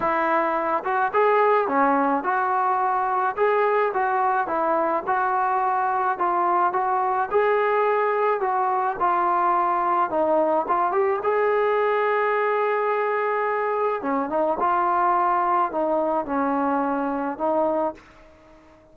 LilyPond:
\new Staff \with { instrumentName = "trombone" } { \time 4/4 \tempo 4 = 107 e'4. fis'8 gis'4 cis'4 | fis'2 gis'4 fis'4 | e'4 fis'2 f'4 | fis'4 gis'2 fis'4 |
f'2 dis'4 f'8 g'8 | gis'1~ | gis'4 cis'8 dis'8 f'2 | dis'4 cis'2 dis'4 | }